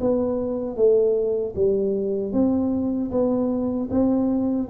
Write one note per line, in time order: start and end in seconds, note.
0.00 0.76 B3
0.76 1.54 A3
1.55 2.32 G3
2.32 3.10 C4
3.11 3.89 B3
3.91 4.69 C4